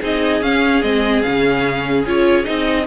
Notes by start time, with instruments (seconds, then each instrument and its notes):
0.00 cello C4, viola D#4, violin G#4 D#5
0.41 cello C#4, viola C#4, violin F5
0.82 cello G#3, viola C4, violin D#5
1.22 cello C#3, viola C#4, violin F5
2.05 cello C#4, viola F4, violin C#5
2.44 cello C4, viola D#4, violin D#5